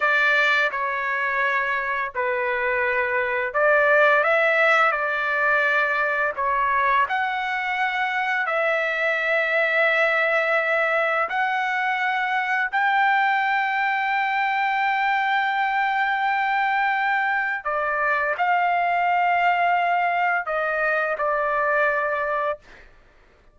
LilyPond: \new Staff \with { instrumentName = "trumpet" } { \time 4/4 \tempo 4 = 85 d''4 cis''2 b'4~ | b'4 d''4 e''4 d''4~ | d''4 cis''4 fis''2 | e''1 |
fis''2 g''2~ | g''1~ | g''4 d''4 f''2~ | f''4 dis''4 d''2 | }